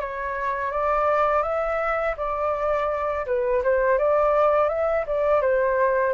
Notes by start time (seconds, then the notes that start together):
0.00 C#5
0.71 D5
1.43 E5
2.17 D5
3.26 B4
3.63 C5
3.98 D5
4.69 E5
5.06 D5
5.41 C5